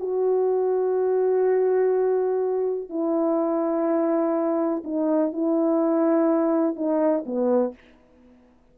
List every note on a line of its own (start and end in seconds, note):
0.00 2.89 F#4
2.89 4.83 E4
4.85 5.33 D#4
5.33 6.76 E4
6.76 7.24 D#4
7.26 7.74 B3